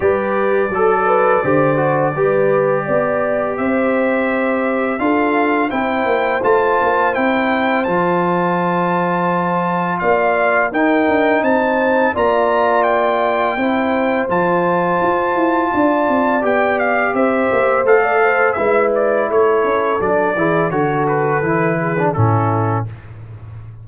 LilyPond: <<
  \new Staff \with { instrumentName = "trumpet" } { \time 4/4 \tempo 4 = 84 d''1~ | d''4 e''2 f''4 | g''4 a''4 g''4 a''4~ | a''2 f''4 g''4 |
a''4 ais''4 g''2 | a''2. g''8 f''8 | e''4 f''4 e''8 d''8 cis''4 | d''4 cis''8 b'4. a'4 | }
  \new Staff \with { instrumentName = "horn" } { \time 4/4 b'4 a'8 b'8 c''4 b'4 | d''4 c''2 a'4 | c''1~ | c''2 d''4 ais'4 |
c''4 d''2 c''4~ | c''2 d''2 | c''4~ c''16 d''16 c''8 b'4 a'4~ | a'8 gis'8 a'4. gis'8 e'4 | }
  \new Staff \with { instrumentName = "trombone" } { \time 4/4 g'4 a'4 g'8 fis'8 g'4~ | g'2. f'4 | e'4 f'4 e'4 f'4~ | f'2. dis'4~ |
dis'4 f'2 e'4 | f'2. g'4~ | g'4 a'4 e'2 | d'8 e'8 fis'4 e'8. d'16 cis'4 | }
  \new Staff \with { instrumentName = "tuba" } { \time 4/4 g4 fis4 d4 g4 | b4 c'2 d'4 | c'8 ais8 a8 ais8 c'4 f4~ | f2 ais4 dis'8 d'8 |
c'4 ais2 c'4 | f4 f'8 e'8 d'8 c'8 b4 | c'8 ais8 a4 gis4 a8 cis'8 | fis8 e8 d4 e4 a,4 | }
>>